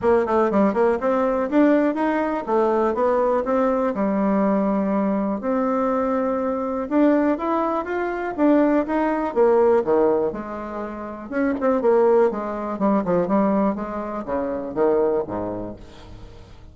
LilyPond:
\new Staff \with { instrumentName = "bassoon" } { \time 4/4 \tempo 4 = 122 ais8 a8 g8 ais8 c'4 d'4 | dis'4 a4 b4 c'4 | g2. c'4~ | c'2 d'4 e'4 |
f'4 d'4 dis'4 ais4 | dis4 gis2 cis'8 c'8 | ais4 gis4 g8 f8 g4 | gis4 cis4 dis4 gis,4 | }